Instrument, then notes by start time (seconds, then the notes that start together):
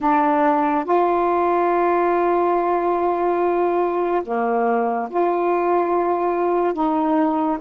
saxophone
0.00 D4
0.85 F4
4.24 A#3
5.09 F4
6.73 D#4